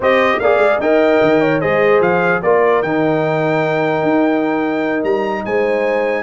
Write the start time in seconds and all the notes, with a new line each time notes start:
0.00 C4 G4 C5 D#5
0.39 A#3 G#4 D5 F5
0.58 G#3
0.79 D#4 A#4 D#5 G5
1.21 D#3
1.40 C#5
1.60 G#3 G#4 C5 D#5
2.00 F3 F5
2.42 A#3 F4 A#4 D5
2.82 D#3 D#4 G5
4.02 D#4
5.03 G3 A#5
5.44 G#3 C5 G#5